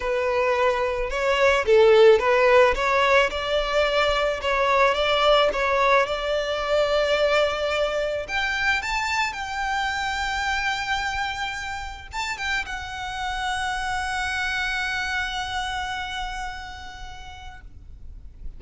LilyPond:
\new Staff \with { instrumentName = "violin" } { \time 4/4 \tempo 4 = 109 b'2 cis''4 a'4 | b'4 cis''4 d''2 | cis''4 d''4 cis''4 d''4~ | d''2. g''4 |
a''4 g''2.~ | g''2 a''8 g''8 fis''4~ | fis''1~ | fis''1 | }